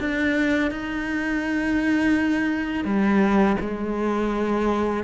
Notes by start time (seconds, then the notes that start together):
0.00 D4
0.71 D#4
2.85 G3
3.61 G#3